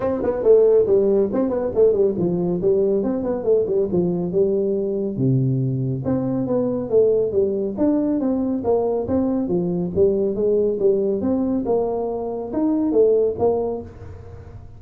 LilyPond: \new Staff \with { instrumentName = "tuba" } { \time 4/4 \tempo 4 = 139 c'8 b8 a4 g4 c'8 b8 | a8 g8 f4 g4 c'8 b8 | a8 g8 f4 g2 | c2 c'4 b4 |
a4 g4 d'4 c'4 | ais4 c'4 f4 g4 | gis4 g4 c'4 ais4~ | ais4 dis'4 a4 ais4 | }